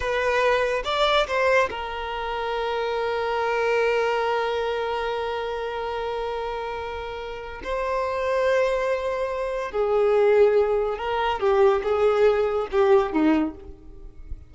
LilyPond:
\new Staff \with { instrumentName = "violin" } { \time 4/4 \tempo 4 = 142 b'2 d''4 c''4 | ais'1~ | ais'1~ | ais'1~ |
ais'2 c''2~ | c''2. gis'4~ | gis'2 ais'4 g'4 | gis'2 g'4 dis'4 | }